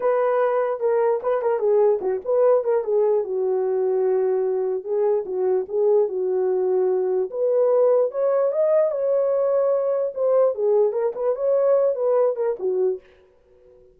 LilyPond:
\new Staff \with { instrumentName = "horn" } { \time 4/4 \tempo 4 = 148 b'2 ais'4 b'8 ais'8 | gis'4 fis'8 b'4 ais'8 gis'4 | fis'1 | gis'4 fis'4 gis'4 fis'4~ |
fis'2 b'2 | cis''4 dis''4 cis''2~ | cis''4 c''4 gis'4 ais'8 b'8 | cis''4. b'4 ais'8 fis'4 | }